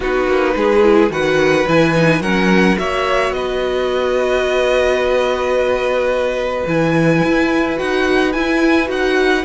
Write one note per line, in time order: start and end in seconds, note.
0.00 0.27 B3
0.00 0.82 D#4
0.00 0.54 F#4
0.00 1.12 B4
0.27 0.54 A#3
0.55 1.09 G#3
0.55 1.11 G#4
0.82 1.10 E4
1.09 1.65 D#3
1.09 1.66 F#4
1.09 2.22 B4
1.09 1.67 F#5
1.67 2.20 E3
1.67 1.94 E4
1.67 2.22 G#5
1.94 2.22 D#4
2.20 2.76 F#3
2.20 2.76 C#4
2.20 2.77 A#4
2.20 2.77 F#5
2.76 3.30 A#3
2.76 6.65 F#4
2.76 3.35 C#5
2.76 3.33 E5
3.30 6.63 B3
3.30 6.66 D#5
3.36 9.44 B4
6.66 7.22 E3
6.66 7.76 E4
6.66 7.78 G#5
7.23 7.79 E4
7.76 8.34 D#4
7.76 8.31 F#4
7.76 8.32 F#5
8.32 8.88 E4
8.32 8.86 E4
8.32 8.88 G#5
8.86 9.44 D#4
8.86 9.41 F#4
8.86 9.44 F#5